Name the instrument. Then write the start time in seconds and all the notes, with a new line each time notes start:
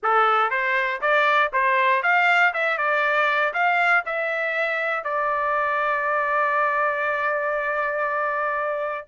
trumpet
0.03 A4
0.50 C5
1.01 D5
1.52 C5
2.02 F5
2.53 E5
2.77 D5
3.53 F5
4.05 E5
5.04 D5